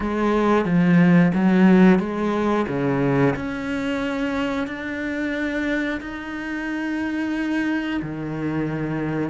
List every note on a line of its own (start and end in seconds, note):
0.00 0.65 G#3
0.65 1.32 F3
1.34 1.99 F#3
1.99 2.65 G#3
2.68 3.34 C#3
3.35 4.67 C#4
4.67 6.00 D4
6.00 8.00 D#4
8.02 9.30 D#3